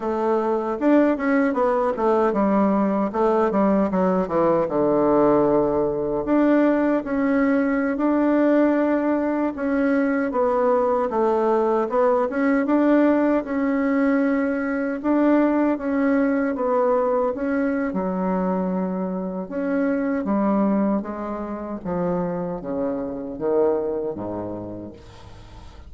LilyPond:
\new Staff \with { instrumentName = "bassoon" } { \time 4/4 \tempo 4 = 77 a4 d'8 cis'8 b8 a8 g4 | a8 g8 fis8 e8 d2 | d'4 cis'4~ cis'16 d'4.~ d'16~ | d'16 cis'4 b4 a4 b8 cis'16~ |
cis'16 d'4 cis'2 d'8.~ | d'16 cis'4 b4 cis'8. fis4~ | fis4 cis'4 g4 gis4 | f4 cis4 dis4 gis,4 | }